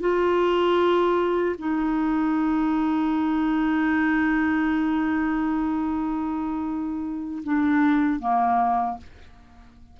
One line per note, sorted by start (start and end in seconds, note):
0.00 1.56 F4
1.59 7.43 D#4
7.44 8.20 D4
8.20 8.98 A#3